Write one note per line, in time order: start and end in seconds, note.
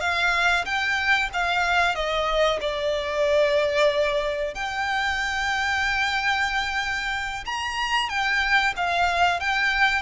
0.00 0.65 F5
0.65 1.29 G5
1.33 1.95 F5
1.95 2.60 D#5
2.61 4.54 D5
4.54 7.45 G5
7.45 8.09 A#5
8.09 8.74 G5
8.76 9.40 F5
9.40 10.02 G5